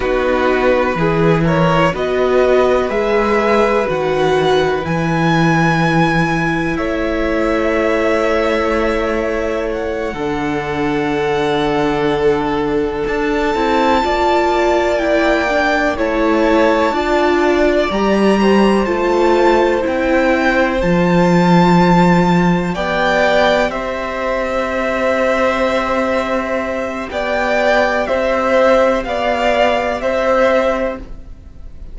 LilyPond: <<
  \new Staff \with { instrumentName = "violin" } { \time 4/4 \tempo 4 = 62 b'4. cis''8 dis''4 e''4 | fis''4 gis''2 e''4~ | e''2 fis''2~ | fis''4. a''2 g''8~ |
g''8 a''2 ais''4 a''8~ | a''8 g''4 a''2 g''8~ | g''8 e''2.~ e''8 | g''4 e''4 f''4 e''4 | }
  \new Staff \with { instrumentName = "violin" } { \time 4/4 fis'4 gis'8 ais'8 b'2~ | b'2. cis''4~ | cis''2~ cis''8 a'4.~ | a'2~ a'8 d''4.~ |
d''8 cis''4 d''4. c''4~ | c''2.~ c''8 d''8~ | d''8 c''2.~ c''8 | d''4 c''4 d''4 c''4 | }
  \new Staff \with { instrumentName = "viola" } { \time 4/4 dis'4 e'4 fis'4 gis'4 | fis'4 e'2.~ | e'2~ e'8 d'4.~ | d'2 e'8 f'4 e'8 |
d'8 e'4 f'4 g'4 f'8~ | f'8 e'4 f'2 g'8~ | g'1~ | g'1 | }
  \new Staff \with { instrumentName = "cello" } { \time 4/4 b4 e4 b4 gis4 | dis4 e2 a4~ | a2~ a8 d4.~ | d4. d'8 c'8 ais4.~ |
ais8 a4 d'4 g4 a8~ | a8 c'4 f2 b8~ | b8 c'2.~ c'8 | b4 c'4 b4 c'4 | }
>>